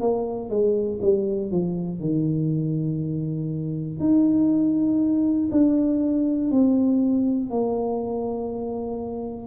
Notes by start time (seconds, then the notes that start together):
0.00 A#3
0.50 G#3
1.01 G3
1.51 F3
2.00 D#3
4.00 D#4
5.51 D4
6.50 C4
7.50 A#3